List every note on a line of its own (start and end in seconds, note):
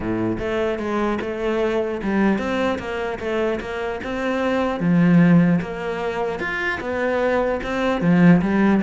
0.00 0.37 A2
0.39 0.79 A3
0.79 1.19 G#3
1.21 2.01 A3
2.02 2.38 G3
2.38 2.78 C4
2.78 3.18 A#3
3.19 3.59 A3
3.60 4.00 A#3
4.03 4.79 C4
4.79 5.59 F3
5.61 6.39 A#3
6.39 6.79 F4
6.80 7.60 B3
7.63 8.01 C4
8.01 8.41 F3
8.41 8.81 G3